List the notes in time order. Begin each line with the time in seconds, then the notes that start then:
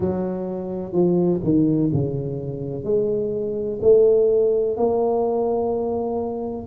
0.00 F#3
0.92 F3
1.43 D#3
1.93 C#3
2.84 G#3
3.81 A3
4.76 A#3